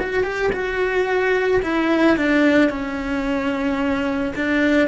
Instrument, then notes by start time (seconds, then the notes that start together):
cello
0.00 F#4
0.23 G4
0.53 F#4
1.63 E4
2.17 D4
2.70 C#4
4.35 D4